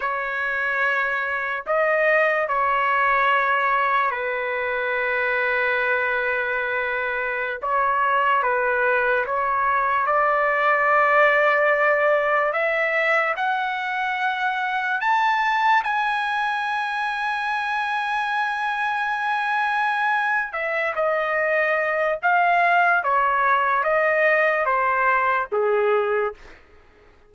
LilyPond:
\new Staff \with { instrumentName = "trumpet" } { \time 4/4 \tempo 4 = 73 cis''2 dis''4 cis''4~ | cis''4 b'2.~ | b'4~ b'16 cis''4 b'4 cis''8.~ | cis''16 d''2. e''8.~ |
e''16 fis''2 a''4 gis''8.~ | gis''1~ | gis''4 e''8 dis''4. f''4 | cis''4 dis''4 c''4 gis'4 | }